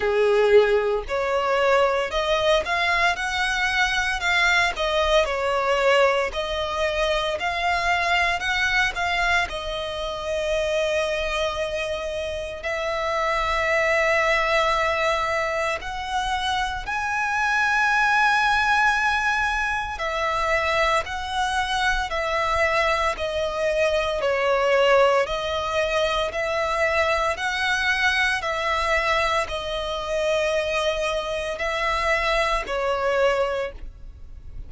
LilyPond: \new Staff \with { instrumentName = "violin" } { \time 4/4 \tempo 4 = 57 gis'4 cis''4 dis''8 f''8 fis''4 | f''8 dis''8 cis''4 dis''4 f''4 | fis''8 f''8 dis''2. | e''2. fis''4 |
gis''2. e''4 | fis''4 e''4 dis''4 cis''4 | dis''4 e''4 fis''4 e''4 | dis''2 e''4 cis''4 | }